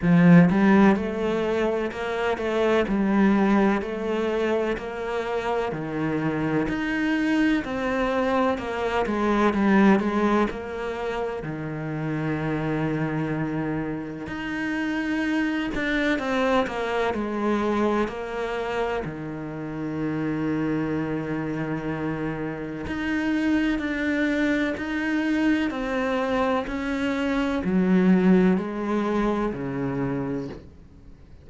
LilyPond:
\new Staff \with { instrumentName = "cello" } { \time 4/4 \tempo 4 = 63 f8 g8 a4 ais8 a8 g4 | a4 ais4 dis4 dis'4 | c'4 ais8 gis8 g8 gis8 ais4 | dis2. dis'4~ |
dis'8 d'8 c'8 ais8 gis4 ais4 | dis1 | dis'4 d'4 dis'4 c'4 | cis'4 fis4 gis4 cis4 | }